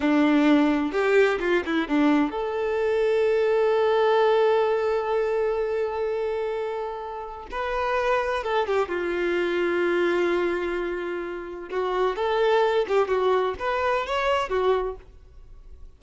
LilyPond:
\new Staff \with { instrumentName = "violin" } { \time 4/4 \tempo 4 = 128 d'2 g'4 f'8 e'8 | d'4 a'2.~ | a'1~ | a'1 |
b'2 a'8 g'8 f'4~ | f'1~ | f'4 fis'4 a'4. g'8 | fis'4 b'4 cis''4 fis'4 | }